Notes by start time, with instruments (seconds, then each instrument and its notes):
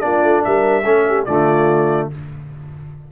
0.00 tuba A#3, trombone D4, horn F4, trumpet D5
0.23 tuba A3
0.44 tuba G3, horn A#4, trumpet E5
0.84 tuba A3, trombone C#4, horn A4
1.08 horn G4
1.25 tuba D3, trombone A3, horn F4, trumpet D5